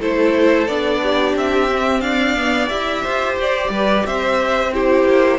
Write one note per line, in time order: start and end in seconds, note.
0.00 0.67 A3
0.00 0.68 E4
0.00 1.01 A4
0.00 0.67 C5
0.67 1.35 B3
0.67 1.70 D4
0.67 1.35 D5
1.02 2.03 G4
1.35 2.00 C4
1.35 2.00 E5
1.70 2.37 C4
2.00 2.67 D4
2.00 3.03 D5
2.00 2.68 F5
2.37 2.69 B3
2.68 3.05 E4
2.68 4.71 G4
2.68 3.36 E5
3.03 3.37 F4
3.03 3.70 C5
3.37 3.69 G4
3.37 4.06 D5
3.69 4.03 G3
3.69 4.05 B4
4.06 5.04 C4
4.06 4.73 C5
4.06 4.73 E5
4.73 5.38 E4
4.73 5.38 G4
4.73 5.38 C5
5.04 5.38 A#3